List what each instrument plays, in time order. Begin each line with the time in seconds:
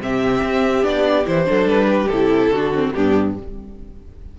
0.00 cello C3, viola C4, violin G4 E5
0.43 cello C4
0.82 cello B3, viola D4, violin D5
1.25 cello E3, viola E4, violin C5
1.44 cello F#3, viola D4, violin A4
1.65 cello G3, violin B4
1.87 violin G4
2.08 cello C3, viola E4, violin A4
2.49 cello D3, violin F#4
2.56 viola D4
2.74 viola C4
2.93 cello G2, viola B3, violin D4 G4